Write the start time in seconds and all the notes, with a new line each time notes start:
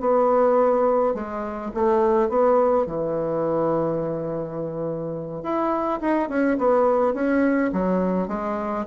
0.00 B3
1.14 G#3
1.74 A3
2.29 B3
2.86 E3
5.43 E4
6.01 D#4
6.29 C#4
6.58 B3
7.14 C#4
7.72 F#3
8.28 G#3